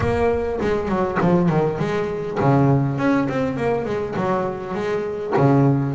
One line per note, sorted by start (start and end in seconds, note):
0.00 0.59 A#3
0.60 0.88 G#3
0.88 1.17 F#3
1.20 1.49 F3
1.49 1.78 D#3
1.78 2.38 G#3
2.40 2.98 C#3
2.98 3.27 C#4
3.28 3.56 C4
3.56 3.85 A#3
3.85 4.14 G#3
4.16 4.74 F#3
4.74 5.33 G#3
5.36 5.94 C#3